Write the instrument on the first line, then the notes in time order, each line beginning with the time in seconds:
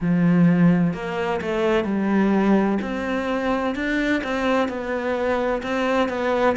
cello
0.00 F3
0.93 A#3
1.41 A3
1.84 G3
2.81 C4
3.75 D4
4.23 C4
4.68 B3
5.62 C4
6.09 B3